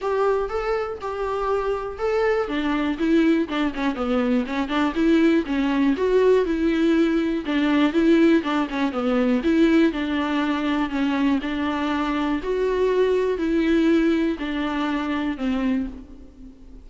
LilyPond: \new Staff \with { instrumentName = "viola" } { \time 4/4 \tempo 4 = 121 g'4 a'4 g'2 | a'4 d'4 e'4 d'8 cis'8 | b4 cis'8 d'8 e'4 cis'4 | fis'4 e'2 d'4 |
e'4 d'8 cis'8 b4 e'4 | d'2 cis'4 d'4~ | d'4 fis'2 e'4~ | e'4 d'2 c'4 | }